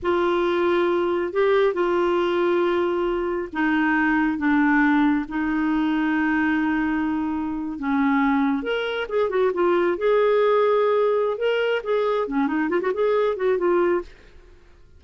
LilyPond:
\new Staff \with { instrumentName = "clarinet" } { \time 4/4 \tempo 4 = 137 f'2. g'4 | f'1 | dis'2 d'2 | dis'1~ |
dis'4.~ dis'16 cis'2 ais'16~ | ais'8. gis'8 fis'8 f'4 gis'4~ gis'16~ | gis'2 ais'4 gis'4 | cis'8 dis'8 f'16 fis'16 gis'4 fis'8 f'4 | }